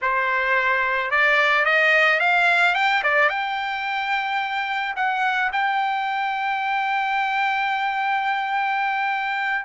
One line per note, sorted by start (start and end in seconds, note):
0.01 1.10 C5
1.10 1.65 D5
1.65 2.19 D#5
2.19 2.74 F5
2.74 3.02 G5
3.03 3.29 D5
3.29 4.94 G5
4.96 5.51 F#5
5.52 9.65 G5